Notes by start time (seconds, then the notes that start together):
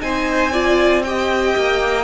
0.00 C4 D#4 C5 G#5
0.51 F4 D5
1.03 G4 D#5 G5
1.55 A#3